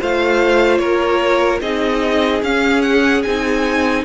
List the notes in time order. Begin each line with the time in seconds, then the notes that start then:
0.00 A3 F4 C5 F5
0.78 A#3 A#4 C#5
1.61 C4 D#4 G#4 D#5
2.43 C#4 F5
2.82 F#5
3.23 C4 D#4 G#5